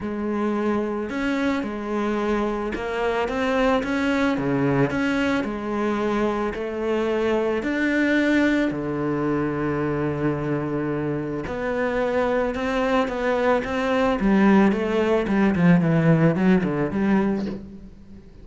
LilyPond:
\new Staff \with { instrumentName = "cello" } { \time 4/4 \tempo 4 = 110 gis2 cis'4 gis4~ | gis4 ais4 c'4 cis'4 | cis4 cis'4 gis2 | a2 d'2 |
d1~ | d4 b2 c'4 | b4 c'4 g4 a4 | g8 f8 e4 fis8 d8 g4 | }